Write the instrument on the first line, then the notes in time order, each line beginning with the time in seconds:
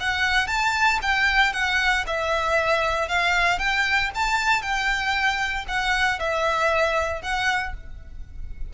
violin
0.00 F#5
0.47 A5
1.02 G5
1.53 F#5
2.06 E5
3.08 F5
3.58 G5
4.14 A5
4.62 G5
5.68 F#5
6.19 E5
7.22 F#5